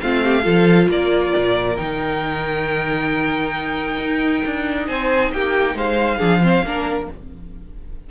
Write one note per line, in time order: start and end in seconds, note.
0.00 0.46 A3
0.00 0.43 C4
0.00 0.24 F4
0.00 0.88 F5
0.24 0.43 G4
0.43 0.88 F3
0.43 1.75 F4
0.43 0.87 A4
0.88 1.32 A#3
0.88 4.88 A#4
0.88 1.77 D5
1.36 1.77 A#2
1.77 3.98 D#3
1.77 6.19 D#4
1.77 4.86 G5
3.98 4.42 D#4
4.45 4.89 D4
4.87 5.32 C4
4.87 5.32 C5
4.87 5.32 G#5
5.32 5.74 A#3
5.32 5.76 G4
5.32 5.77 G5
5.74 6.18 G#3
5.74 6.18 C5
5.74 7.10 F5
6.18 6.63 F3
6.18 6.41 D4
6.18 6.40 G#4
6.42 6.64 C4
6.42 6.65 C5
6.63 7.07 A#3
6.63 7.10 D4
6.63 7.11 A#4